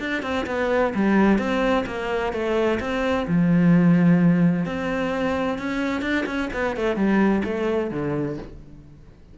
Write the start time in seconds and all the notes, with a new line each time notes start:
0.00 D4
0.23 C4
0.47 B3
0.95 G3
1.38 C4
1.87 A#3
2.33 A3
2.80 C4
3.28 F3
4.66 C4
5.59 C#4
6.02 D4
6.26 C#4
6.53 B3
6.77 A3
6.96 G3
7.45 A3
7.91 D3